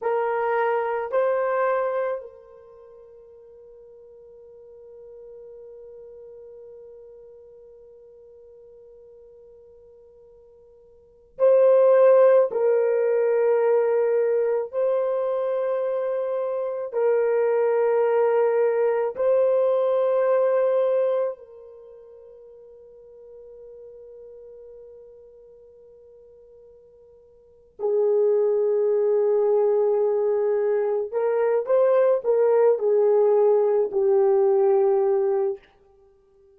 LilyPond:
\new Staff \with { instrumentName = "horn" } { \time 4/4 \tempo 4 = 54 ais'4 c''4 ais'2~ | ais'1~ | ais'2~ ais'16 c''4 ais'8.~ | ais'4~ ais'16 c''2 ais'8.~ |
ais'4~ ais'16 c''2 ais'8.~ | ais'1~ | ais'4 gis'2. | ais'8 c''8 ais'8 gis'4 g'4. | }